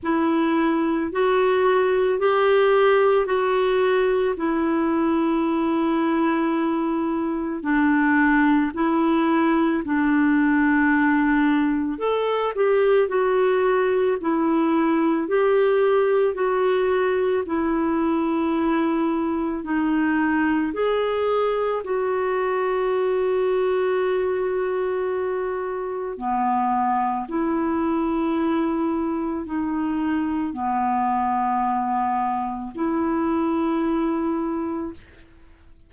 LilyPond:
\new Staff \with { instrumentName = "clarinet" } { \time 4/4 \tempo 4 = 55 e'4 fis'4 g'4 fis'4 | e'2. d'4 | e'4 d'2 a'8 g'8 | fis'4 e'4 g'4 fis'4 |
e'2 dis'4 gis'4 | fis'1 | b4 e'2 dis'4 | b2 e'2 | }